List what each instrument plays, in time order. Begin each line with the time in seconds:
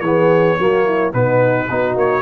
0.00 tuba E3, trombone B3, horn G#4, trumpet C#5
0.58 tuba F#3, trombone A#3, horn F#4
0.85 horn E4
1.12 tuba B2, trombone B3, horn D#4, trumpet B4
1.70 tuba B3, trombone D#4, horn F#4
1.95 tuba A#3, trumpet C#5